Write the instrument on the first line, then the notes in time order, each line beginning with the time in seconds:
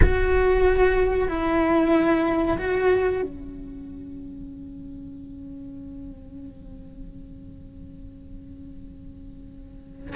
cello
0.02 F#4
1.28 E4
2.58 F#4
3.22 C#4